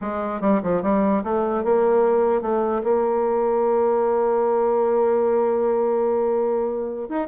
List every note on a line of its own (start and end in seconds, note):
0.01 0.41 G#3
0.41 0.61 G3
0.62 0.82 F3
0.82 1.23 G3
1.23 1.64 A3
1.64 2.41 A#3
2.41 2.82 A3
2.83 7.08 A#3
7.08 7.27 D#4